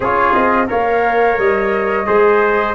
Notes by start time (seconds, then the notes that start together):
0.00 C#4 F4 G#4 C#5
0.33 C4 D#5
0.67 A#3 A#4 C#5 F5
1.38 G3 D#5
2.05 G#3 G#4 C5